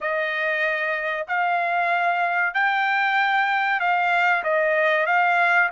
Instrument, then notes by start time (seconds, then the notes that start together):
trumpet
0.00 D#5
1.27 F5
2.53 G5
3.80 F5
4.43 D#5
5.06 F5